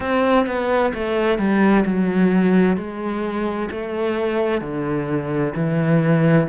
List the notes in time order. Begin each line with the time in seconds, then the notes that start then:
0.00 C4
0.46 B3
0.94 A3
1.38 G3
1.85 F#3
2.77 G#3
3.70 A3
4.61 D3
5.55 E3